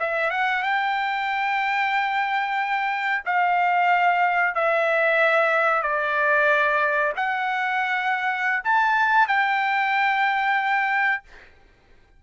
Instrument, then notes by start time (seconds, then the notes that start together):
trumpet
0.00 E5
0.31 F#5
0.63 G5
3.26 F5
4.55 E5
5.83 D5
7.17 F#5
8.64 A5
9.28 G5